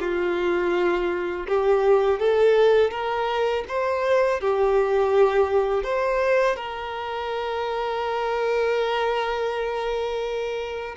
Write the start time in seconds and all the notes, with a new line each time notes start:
0.00 F4
1.48 G4
2.20 A4
2.91 A#4
3.68 C5
4.41 G4
5.83 C5
6.56 A#4